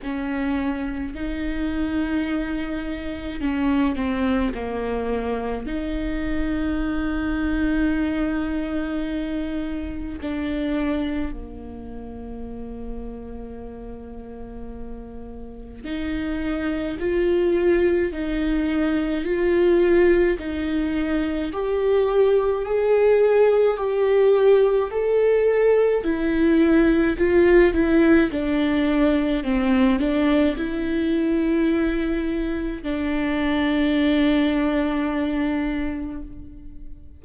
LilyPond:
\new Staff \with { instrumentName = "viola" } { \time 4/4 \tempo 4 = 53 cis'4 dis'2 cis'8 c'8 | ais4 dis'2.~ | dis'4 d'4 ais2~ | ais2 dis'4 f'4 |
dis'4 f'4 dis'4 g'4 | gis'4 g'4 a'4 e'4 | f'8 e'8 d'4 c'8 d'8 e'4~ | e'4 d'2. | }